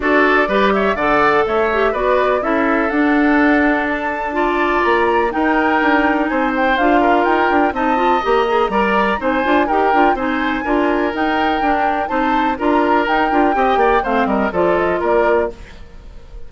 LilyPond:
<<
  \new Staff \with { instrumentName = "flute" } { \time 4/4 \tempo 4 = 124 d''4. e''8 fis''4 e''4 | d''4 e''4 fis''2 | a''2 ais''4 g''4~ | g''4 gis''8 g''8 f''4 g''4 |
a''4 ais''2 gis''4 | g''4 gis''2 g''4~ | g''4 a''4 ais''4 g''4~ | g''4 f''8 dis''8 d''8 dis''8 d''4 | }
  \new Staff \with { instrumentName = "oboe" } { \time 4/4 a'4 b'8 cis''8 d''4 cis''4 | b'4 a'2.~ | a'4 d''2 ais'4~ | ais'4 c''4. ais'4. |
dis''2 d''4 c''4 | ais'4 c''4 ais'2~ | ais'4 c''4 ais'2 | dis''8 d''8 c''8 ais'8 a'4 ais'4 | }
  \new Staff \with { instrumentName = "clarinet" } { \time 4/4 fis'4 g'4 a'4. g'8 | fis'4 e'4 d'2~ | d'4 f'2 dis'4~ | dis'2 f'2 |
dis'8 f'8 g'8 gis'8 ais'4 dis'8 f'8 | g'8 f'8 dis'4 f'4 dis'4 | d'4 dis'4 f'4 dis'8 f'8 | g'4 c'4 f'2 | }
  \new Staff \with { instrumentName = "bassoon" } { \time 4/4 d'4 g4 d4 a4 | b4 cis'4 d'2~ | d'2 ais4 dis'4 | d'4 c'4 d'4 dis'8 d'8 |
c'4 ais4 g4 c'8 d'8 | dis'8 d'8 c'4 d'4 dis'4 | d'4 c'4 d'4 dis'8 d'8 | c'8 ais8 a8 g8 f4 ais4 | }
>>